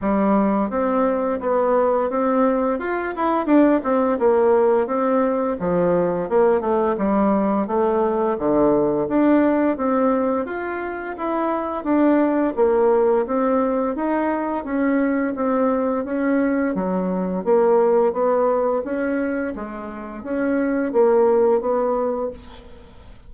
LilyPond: \new Staff \with { instrumentName = "bassoon" } { \time 4/4 \tempo 4 = 86 g4 c'4 b4 c'4 | f'8 e'8 d'8 c'8 ais4 c'4 | f4 ais8 a8 g4 a4 | d4 d'4 c'4 f'4 |
e'4 d'4 ais4 c'4 | dis'4 cis'4 c'4 cis'4 | fis4 ais4 b4 cis'4 | gis4 cis'4 ais4 b4 | }